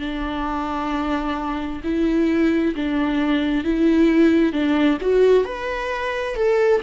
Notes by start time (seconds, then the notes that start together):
0.00 D4
1.84 E4
2.76 D4
3.64 E4
4.52 D4
5.01 F#4
5.45 B4
6.36 A4